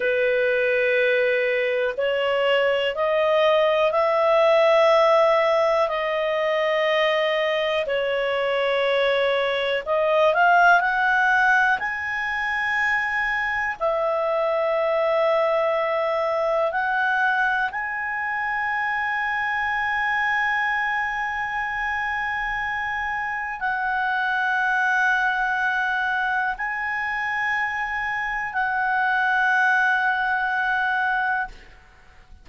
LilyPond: \new Staff \with { instrumentName = "clarinet" } { \time 4/4 \tempo 4 = 61 b'2 cis''4 dis''4 | e''2 dis''2 | cis''2 dis''8 f''8 fis''4 | gis''2 e''2~ |
e''4 fis''4 gis''2~ | gis''1 | fis''2. gis''4~ | gis''4 fis''2. | }